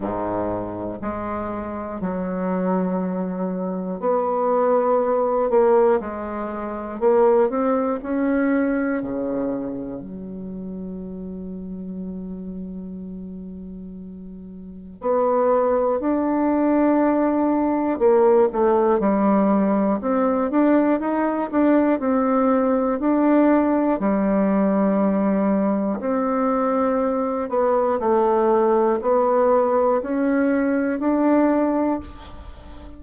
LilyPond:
\new Staff \with { instrumentName = "bassoon" } { \time 4/4 \tempo 4 = 60 gis,4 gis4 fis2 | b4. ais8 gis4 ais8 c'8 | cis'4 cis4 fis2~ | fis2. b4 |
d'2 ais8 a8 g4 | c'8 d'8 dis'8 d'8 c'4 d'4 | g2 c'4. b8 | a4 b4 cis'4 d'4 | }